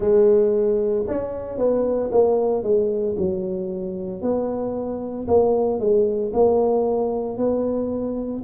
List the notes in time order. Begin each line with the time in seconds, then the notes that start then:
0.00 G#3
1.07 C#4
1.57 B3
2.11 A#3
2.63 G#3
3.17 F#3
4.21 B3
5.27 A#3
5.79 G#3
6.33 A#3
7.37 B3